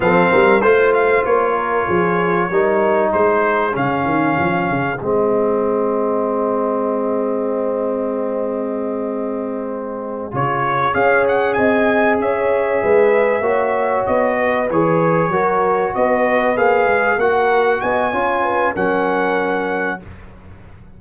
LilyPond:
<<
  \new Staff \with { instrumentName = "trumpet" } { \time 4/4 \tempo 4 = 96 f''4 c''8 f''8 cis''2~ | cis''4 c''4 f''2 | dis''1~ | dis''1~ |
dis''8 cis''4 f''8 fis''8 gis''4 e''8~ | e''2~ e''8 dis''4 cis''8~ | cis''4. dis''4 f''4 fis''8~ | fis''8 gis''4. fis''2 | }
  \new Staff \with { instrumentName = "horn" } { \time 4/4 a'8 ais'8 c''4. ais'8 gis'4 | ais'4 gis'2.~ | gis'1~ | gis'1~ |
gis'4. cis''4 dis''4 cis''8~ | cis''8 b'4 cis''4. b'4~ | b'8 ais'4 b'2 ais'8~ | ais'8 dis''8 cis''8 b'8 ais'2 | }
  \new Staff \with { instrumentName = "trombone" } { \time 4/4 c'4 f'2. | dis'2 cis'2 | c'1~ | c'1~ |
c'8 f'4 gis'2~ gis'8~ | gis'4. fis'2 gis'8~ | gis'8 fis'2 gis'4 fis'8~ | fis'4 f'4 cis'2 | }
  \new Staff \with { instrumentName = "tuba" } { \time 4/4 f8 g8 a4 ais4 f4 | g4 gis4 cis8 dis8 f8 cis8 | gis1~ | gis1~ |
gis8 cis4 cis'4 c'4 cis'8~ | cis'8 gis4 ais4 b4 e8~ | e8 fis4 b4 ais8 gis8 ais8~ | ais8 b8 cis'4 fis2 | }
>>